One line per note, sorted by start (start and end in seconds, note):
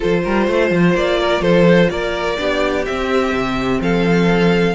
0.00 0.25 F3
0.00 2.37 F4
0.00 0.22 A4
0.00 0.96 C5
0.23 0.47 G3
0.23 0.47 A#4
0.47 0.70 A3
0.47 1.19 C5
0.70 0.94 F3
0.94 1.40 A#3
0.94 1.42 D5
1.19 1.41 A#4
1.40 1.88 F3
1.40 1.89 A4
1.40 1.89 C5
1.89 2.38 A#3
1.89 2.39 A#4
1.89 2.84 D5
2.37 2.86 B3
2.37 2.84 D4
2.37 3.82 G4
2.85 4.75 C4
2.85 3.31 C4
2.85 3.80 E5
3.31 3.79 C3
3.80 4.75 F3
3.80 4.75 A4
3.80 4.75 F5